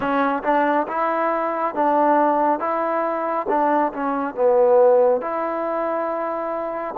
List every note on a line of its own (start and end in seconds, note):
0.00 0.42 C#4
0.43 0.86 D4
0.87 1.74 E4
1.74 2.59 D4
2.59 3.46 E4
3.49 3.92 D4
3.93 4.34 C#4
4.34 5.21 B3
5.21 6.94 E4